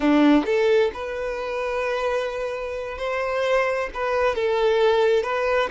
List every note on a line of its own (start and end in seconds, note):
0.00 0.44 D4
0.45 0.91 A4
0.93 2.98 B4
2.98 3.89 C5
3.94 4.35 B4
4.35 5.23 A4
5.23 5.69 B4